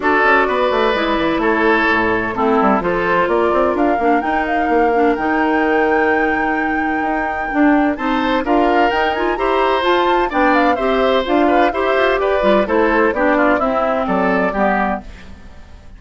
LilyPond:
<<
  \new Staff \with { instrumentName = "flute" } { \time 4/4 \tempo 4 = 128 d''2. cis''4~ | cis''4 a'4 c''4 d''4 | f''4 g''8 f''4. g''4~ | g''1~ |
g''4 a''4 f''4 g''8 gis''8 | ais''4 a''4 g''8 f''8 e''4 | f''4 e''4 d''4 c''4 | d''4 e''4 d''2 | }
  \new Staff \with { instrumentName = "oboe" } { \time 4/4 a'4 b'2 a'4~ | a'4 e'4 a'4 ais'4~ | ais'1~ | ais'1~ |
ais'4 c''4 ais'2 | c''2 d''4 c''4~ | c''8 b'8 c''4 b'4 a'4 | g'8 f'8 e'4 a'4 g'4 | }
  \new Staff \with { instrumentName = "clarinet" } { \time 4/4 fis'2 e'2~ | e'4 c'4 f'2~ | f'8 d'8 dis'4. d'8 dis'4~ | dis'1 |
d'4 dis'4 f'4 dis'8 f'8 | g'4 f'4 d'4 g'4 | f'4 g'4. f'8 e'4 | d'4 c'2 b4 | }
  \new Staff \with { instrumentName = "bassoon" } { \time 4/4 d'8 cis'8 b8 a8 gis8 e8 a4 | a,4 a8 g8 f4 ais8 c'8 | d'8 ais8 dis'4 ais4 dis4~ | dis2. dis'4 |
d'4 c'4 d'4 dis'4 | e'4 f'4 b4 c'4 | d'4 e'8 f'8 g'8 g8 a4 | b4 c'4 fis4 g4 | }
>>